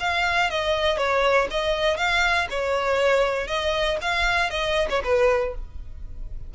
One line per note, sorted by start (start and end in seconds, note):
0.00 0.50 F5
0.50 0.98 D#5
0.98 1.48 C#5
1.51 1.97 D#5
1.97 2.48 F5
2.50 3.48 C#5
3.48 3.98 D#5
4.02 4.51 F5
4.51 4.88 D#5
4.90 5.03 C#5
5.04 5.55 B4